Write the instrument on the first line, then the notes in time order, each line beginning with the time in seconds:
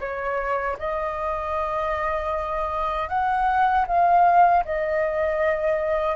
flute
0.00 C#5
0.79 D#5
3.08 F#5
3.87 F5
4.65 D#5